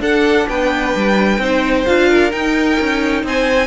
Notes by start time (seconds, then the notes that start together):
0.00 D4 A4 F#5
0.48 B3 B4 G5
0.95 G3
1.38 C4 D#4 C5
1.85 D4 F4 F5
2.09 A#4
2.30 D#4 G5
2.80 C#4
3.23 C4 C5 G#5